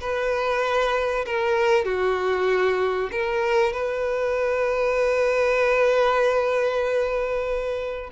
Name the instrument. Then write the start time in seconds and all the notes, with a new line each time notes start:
violin
0.00 B4
1.25 A#4
1.85 F#4
3.11 A#4
3.73 B4